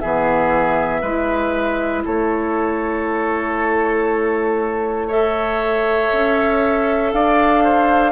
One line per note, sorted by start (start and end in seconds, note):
0.00 1.02 E3
0.00 1.04 B3
0.00 1.01 G#4
0.00 2.03 E5
1.01 2.04 G#3
1.01 5.10 E4
1.01 2.03 B4
2.05 6.12 A3
2.05 5.07 A4
2.05 5.09 C#5
5.07 8.12 A4
5.07 7.11 C#5
5.07 7.12 E5
6.12 7.13 C#4
7.12 8.12 D4
7.12 7.64 D5
7.12 8.12 F5
7.64 8.12 C5